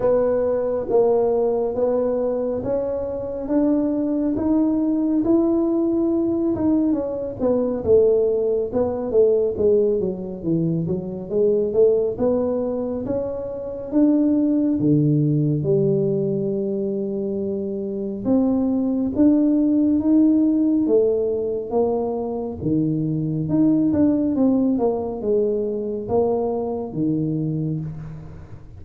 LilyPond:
\new Staff \with { instrumentName = "tuba" } { \time 4/4 \tempo 4 = 69 b4 ais4 b4 cis'4 | d'4 dis'4 e'4. dis'8 | cis'8 b8 a4 b8 a8 gis8 fis8 | e8 fis8 gis8 a8 b4 cis'4 |
d'4 d4 g2~ | g4 c'4 d'4 dis'4 | a4 ais4 dis4 dis'8 d'8 | c'8 ais8 gis4 ais4 dis4 | }